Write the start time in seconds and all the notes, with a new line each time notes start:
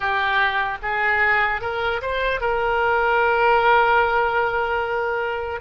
0.00 G4
0.82 G#4
1.61 A#4
2.01 C5
2.40 A#4